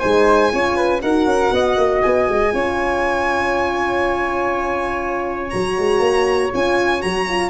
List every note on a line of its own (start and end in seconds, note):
0.00 0.53 G#3
0.00 0.51 D#4
0.00 0.51 C5
0.00 1.00 G#5
0.51 1.03 C#4
0.51 1.01 F4
0.51 0.76 C#5
0.76 1.01 B4
1.02 1.25 D#4
1.02 2.51 F#4
1.02 1.53 A#4
1.02 2.02 F#5
1.25 1.50 C#4
1.51 1.76 B3
1.51 2.53 D#5
1.77 2.02 A#3
2.02 2.29 B3
2.02 5.50 G#5
2.29 2.53 G#3
2.51 5.53 C#4
2.51 5.51 F4
2.51 7.49 C#5
5.50 5.79 F#3
5.50 6.53 F#4
5.50 6.50 A#5
5.79 6.00 G#3
6.00 6.50 A#3
6.53 7.03 C#4
6.53 7.01 F4
6.53 7.02 G#5
7.01 7.49 F#3
7.01 7.26 F#4
7.01 7.49 A#5
7.28 7.49 F4